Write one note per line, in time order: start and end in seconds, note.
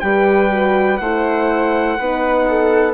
0.00 1.00 G3
0.00 0.50 G4
0.00 1.01 B4
0.00 0.98 G5
0.50 0.99 F#4
0.98 1.99 A3
0.98 2.00 E4
0.98 1.98 C5
0.98 2.95 F#5
1.98 2.95 B3
1.98 2.95 D#4
1.98 2.47 B4
2.48 2.95 A4